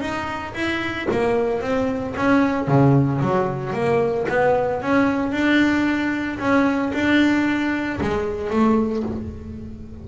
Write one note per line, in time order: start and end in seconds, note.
0.00 0.53 D#4
0.54 1.07 E4
1.11 1.61 A#3
1.61 2.14 C4
2.16 2.67 C#4
2.67 3.20 C#3
3.21 3.73 F#3
3.73 4.26 A#3
4.28 4.81 B3
4.82 5.32 C#4
5.32 6.38 D4
6.39 6.92 C#4
6.93 7.99 D4
8.00 8.50 G#3
8.50 9.03 A3